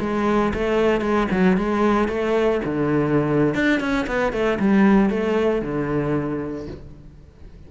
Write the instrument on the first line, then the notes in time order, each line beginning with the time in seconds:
cello
0.00 G#3
0.54 A3
1.01 G#3
1.31 F#3
1.57 G#3
2.08 A3
2.64 D3
3.55 D4
3.80 C#4
4.07 B3
4.32 A3
4.59 G3
5.09 A3
5.62 D3